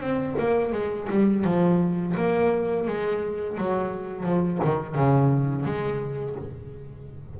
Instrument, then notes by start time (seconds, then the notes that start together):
double bass
0.00 C4
0.38 A#3
0.72 G#3
1.10 G3
1.44 F3
2.16 A#3
2.87 G#3
3.57 F#3
4.23 F3
4.64 D#3
4.95 C#3
5.64 G#3